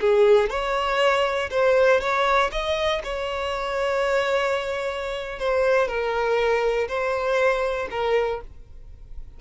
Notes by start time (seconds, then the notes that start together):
0.00 G#4
0.49 C#5
1.50 C5
2.00 C#5
2.51 D#5
3.03 C#5
5.39 C5
5.87 A#4
6.88 C5
7.90 A#4